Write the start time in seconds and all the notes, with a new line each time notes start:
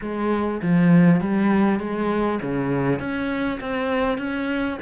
0.01 G#3
0.62 F3
1.20 G3
1.79 G#3
2.42 C#3
2.99 C#4
3.60 C4
4.18 C#4